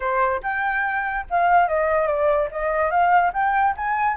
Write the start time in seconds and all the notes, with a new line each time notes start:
0.00 C5
0.42 G5
1.29 F5
1.67 D#5
2.07 D5
2.51 D#5
2.90 F5
3.33 G5
3.76 G#5